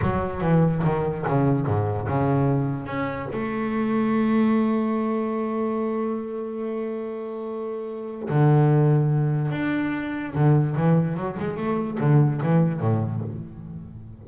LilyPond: \new Staff \with { instrumentName = "double bass" } { \time 4/4 \tempo 4 = 145 fis4 e4 dis4 cis4 | gis,4 cis2 cis'4 | a1~ | a1~ |
a1 | d2. d'4~ | d'4 d4 e4 fis8 gis8 | a4 d4 e4 a,4 | }